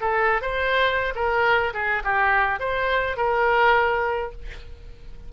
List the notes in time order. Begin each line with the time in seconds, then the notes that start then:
0.00 A4
0.41 C5
1.15 A#4
1.74 G#4
2.04 G4
2.59 C5
3.17 A#4